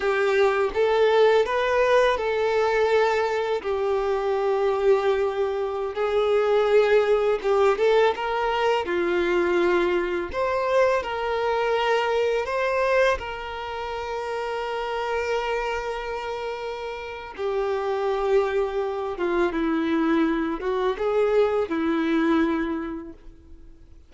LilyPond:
\new Staff \with { instrumentName = "violin" } { \time 4/4 \tempo 4 = 83 g'4 a'4 b'4 a'4~ | a'4 g'2.~ | g'16 gis'2 g'8 a'8 ais'8.~ | ais'16 f'2 c''4 ais'8.~ |
ais'4~ ais'16 c''4 ais'4.~ ais'16~ | ais'1 | g'2~ g'8 f'8 e'4~ | e'8 fis'8 gis'4 e'2 | }